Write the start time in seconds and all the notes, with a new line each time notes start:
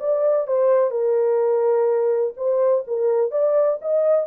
0.00 D5
0.48 C5
0.91 A#4
2.37 C5
2.88 A#4
3.32 D5
3.82 D#5